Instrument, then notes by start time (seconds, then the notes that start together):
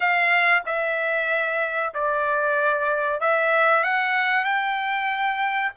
trumpet
0.00 F5
0.66 E5
1.94 D5
3.20 E5
3.83 F#5
4.44 G5